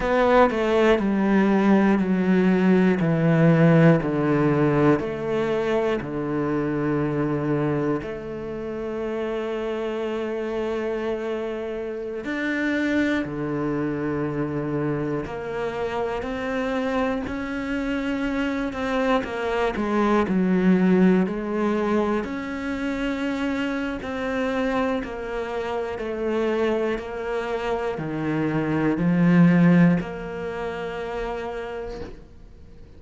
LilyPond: \new Staff \with { instrumentName = "cello" } { \time 4/4 \tempo 4 = 60 b8 a8 g4 fis4 e4 | d4 a4 d2 | a1~ | a16 d'4 d2 ais8.~ |
ais16 c'4 cis'4. c'8 ais8 gis16~ | gis16 fis4 gis4 cis'4.~ cis'16 | c'4 ais4 a4 ais4 | dis4 f4 ais2 | }